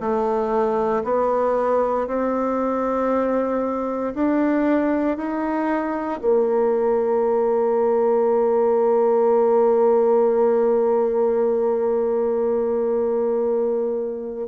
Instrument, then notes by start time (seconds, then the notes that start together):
bassoon
0.00 A3
1.04 B3
2.07 C4
4.15 D4
5.17 D#4
6.22 A#3